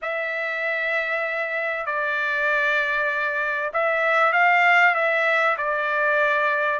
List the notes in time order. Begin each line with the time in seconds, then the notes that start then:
0.02 E5
1.86 D5
3.73 E5
4.32 F5
4.95 E5
5.57 D5